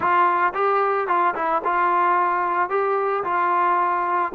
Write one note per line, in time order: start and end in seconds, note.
0.00 0.53 F4
0.54 1.07 G4
1.07 1.34 F4
1.34 1.61 E4
1.64 2.69 F4
2.69 3.23 G4
3.24 4.32 F4